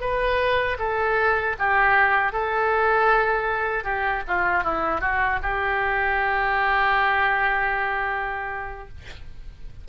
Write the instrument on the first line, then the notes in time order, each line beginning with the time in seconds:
oboe
0.00 B4
0.79 A4
1.59 G4
2.32 A4
3.84 G4
4.28 F4
4.63 E4
5.01 F#4
5.42 G4